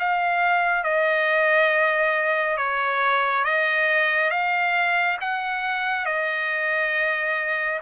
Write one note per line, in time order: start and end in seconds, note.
0.00 0.84 F5
0.84 2.58 D#5
2.58 3.45 C#5
3.45 4.31 D#5
4.31 5.18 F5
5.21 6.06 F#5
6.06 7.80 D#5